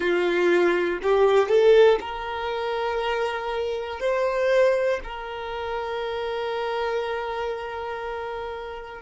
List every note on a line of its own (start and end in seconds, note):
0.00 0.99 F4
1.02 1.49 G4
1.49 1.99 A4
2.00 4.00 A#4
4.00 5.00 C5
5.03 9.02 A#4